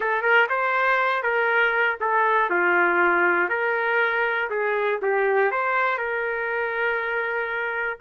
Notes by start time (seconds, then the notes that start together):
0.00 A4
0.22 A#4
0.49 C5
1.22 A#4
2.00 A4
2.50 F4
3.49 A#4
4.50 G#4
5.01 G4
5.51 C5
5.98 A#4